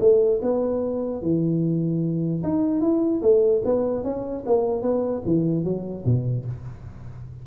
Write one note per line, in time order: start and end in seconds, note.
0.00 0.40 A3
0.42 1.22 B3
1.22 2.43 E3
2.43 2.81 D#4
2.81 3.21 E4
3.22 3.62 A3
3.64 4.04 B3
4.04 4.44 C#4
4.46 4.82 A#3
4.82 5.22 B3
5.25 5.64 E3
5.64 6.04 F#3
6.05 6.45 B2